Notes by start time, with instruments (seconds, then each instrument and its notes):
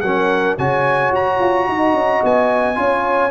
0.00 tuba F#3, trombone C#4, horn A#4, trumpet F#5
0.57 tuba C#3, trombone F#4, horn C#5, trumpet G#5
1.11 tuba F#4, trumpet A#5
1.40 tuba F4
1.68 tuba D#4, horn D#5
1.93 tuba C#4
2.23 tuba B3, trumpet G#5
2.75 tuba C#4, trombone F4, horn C#5